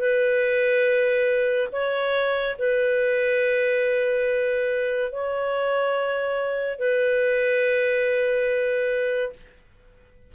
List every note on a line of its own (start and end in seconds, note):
0.00 1.69 B4
1.72 2.57 C#5
2.59 5.12 B4
5.12 6.80 C#5
6.80 9.33 B4